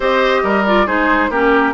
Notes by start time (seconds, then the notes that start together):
0.00 C4 G4 C5 D#5
0.43 G3 A#4
0.66 F4 D5
0.86 G#3 D#4 G#4 C5
1.29 A#3 C#4 G4 A#4